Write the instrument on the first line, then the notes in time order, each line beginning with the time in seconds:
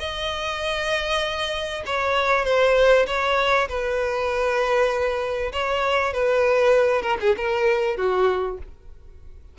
violin
0.00 D#5
1.86 C#5
2.45 C5
3.07 C#5
3.69 B4
5.53 C#5
6.14 B4
7.02 A#4
7.21 G#4
7.37 A#4
7.97 F#4